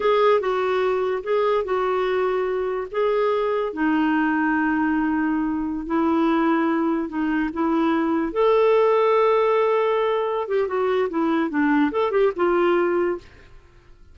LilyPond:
\new Staff \with { instrumentName = "clarinet" } { \time 4/4 \tempo 4 = 146 gis'4 fis'2 gis'4 | fis'2. gis'4~ | gis'4 dis'2.~ | dis'2~ dis'16 e'4.~ e'16~ |
e'4~ e'16 dis'4 e'4.~ e'16~ | e'16 a'2.~ a'8.~ | a'4. g'8 fis'4 e'4 | d'4 a'8 g'8 f'2 | }